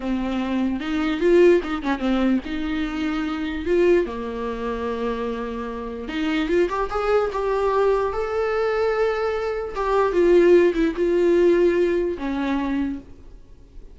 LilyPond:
\new Staff \with { instrumentName = "viola" } { \time 4/4 \tempo 4 = 148 c'2 dis'4 f'4 | dis'8 cis'8 c'4 dis'2~ | dis'4 f'4 ais2~ | ais2. dis'4 |
f'8 g'8 gis'4 g'2 | a'1 | g'4 f'4. e'8 f'4~ | f'2 cis'2 | }